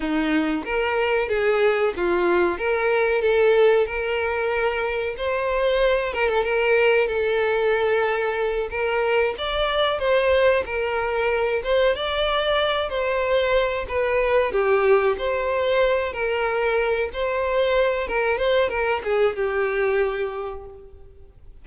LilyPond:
\new Staff \with { instrumentName = "violin" } { \time 4/4 \tempo 4 = 93 dis'4 ais'4 gis'4 f'4 | ais'4 a'4 ais'2 | c''4. ais'16 a'16 ais'4 a'4~ | a'4. ais'4 d''4 c''8~ |
c''8 ais'4. c''8 d''4. | c''4. b'4 g'4 c''8~ | c''4 ais'4. c''4. | ais'8 c''8 ais'8 gis'8 g'2 | }